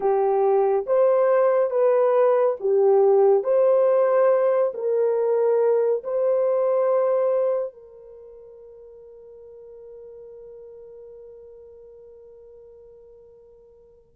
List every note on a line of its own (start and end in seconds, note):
0.00 0.85 G4
0.86 1.70 C5
1.70 2.56 B4
2.59 3.43 G4
3.43 4.72 C5
4.74 6.02 A#4
6.03 7.73 C5
7.73 14.16 A#4